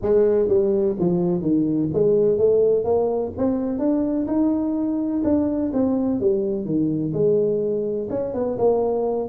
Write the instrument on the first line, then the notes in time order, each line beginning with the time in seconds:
tuba
0.02 G#3
0.48 G3
0.99 F3
1.41 D#3
1.93 G#3
2.38 A3
2.84 A#3
3.37 C4
3.78 D4
4.27 D#4
5.24 D4
5.73 C4
6.20 G3
6.65 D#3
7.13 G#3
8.10 C#4
8.34 B3
8.58 A#3